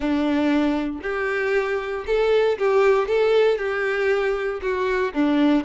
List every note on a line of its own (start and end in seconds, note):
0.00 1.00 D4
1.02 2.05 G4
2.06 2.58 A4
2.58 3.08 G4
3.08 3.58 A4
3.58 4.60 G4
4.62 5.13 F#4
5.13 5.64 D4